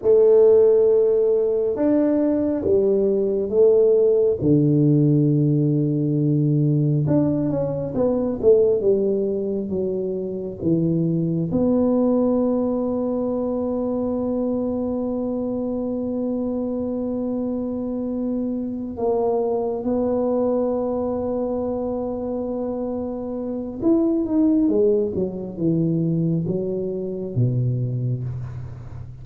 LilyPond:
\new Staff \with { instrumentName = "tuba" } { \time 4/4 \tempo 4 = 68 a2 d'4 g4 | a4 d2. | d'8 cis'8 b8 a8 g4 fis4 | e4 b2.~ |
b1~ | b4. ais4 b4.~ | b2. e'8 dis'8 | gis8 fis8 e4 fis4 b,4 | }